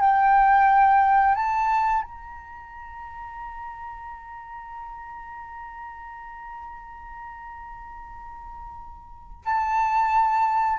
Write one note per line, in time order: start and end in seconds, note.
0.00 1.35 G5
1.35 2.02 A5
2.02 9.44 A#5
9.45 10.78 A5